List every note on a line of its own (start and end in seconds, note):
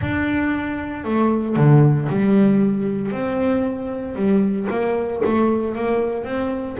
0.01 1.04 D4
1.04 1.55 A3
1.55 2.08 D3
2.09 3.11 G3
3.11 4.15 C4
4.15 4.67 G3
4.70 5.22 A#3
5.24 5.75 A3
5.75 6.24 A#3
6.24 6.76 C4